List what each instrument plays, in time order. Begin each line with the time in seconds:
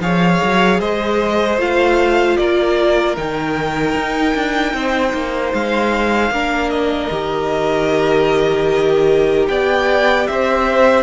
0.00 cello F3, viola G#4, violin C#5 F5
0.43 cello F#3
0.79 cello G#3, violin C5 D#5
1.58 cello A3, viola F4, violin F5
2.37 cello A#3, violin A#4 D5
3.16 cello D#3, viola D#4, violin G5
3.94 cello D#4
4.35 cello D4
4.73 cello C4, violin C5
5.13 cello A#3
5.53 cello G#3, violin F5
6.31 cello A#3, viola D4, violin A#4
6.70 violin D#5
7.11 cello D#3, viola G4
9.48 cello B3, violin D5 G5
10.27 cello C4, violin C5 E5